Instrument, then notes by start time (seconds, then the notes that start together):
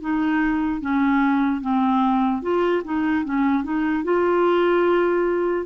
clarinet
0.00 D#4
0.81 C#4
1.61 C4
2.42 F4
2.84 D#4
3.25 C#4
3.63 D#4
4.04 F4